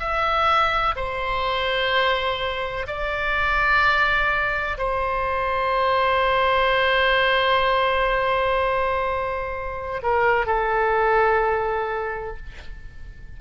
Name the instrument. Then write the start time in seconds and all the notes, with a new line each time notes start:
oboe
0.00 E5
0.96 C5
2.87 D5
4.78 C5
10.03 A#4
10.46 A4